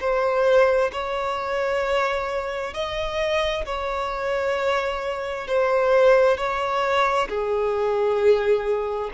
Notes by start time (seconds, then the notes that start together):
0.00 C5
0.92 C#5
2.74 D#5
3.65 C#5
5.47 C5
6.37 C#5
7.29 G#4